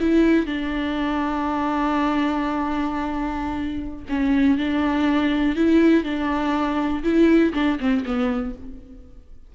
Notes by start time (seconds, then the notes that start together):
0.00 E4
0.46 D4
4.09 C#4
4.58 D4
5.56 E4
6.04 D4
7.03 E4
7.54 D4
7.80 C4
8.05 B3